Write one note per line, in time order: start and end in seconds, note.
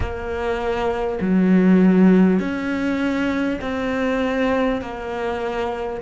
0.00 1.18 A#3
1.20 2.39 F#3
2.39 3.59 C#4
3.61 4.81 C4
4.81 6.01 A#3